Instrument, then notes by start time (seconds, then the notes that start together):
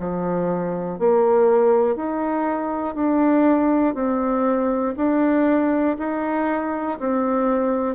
bassoon
0.00 F3
1.00 A#3
1.96 D#4
2.95 D4
3.95 C4
4.97 D4
5.99 D#4
7.00 C4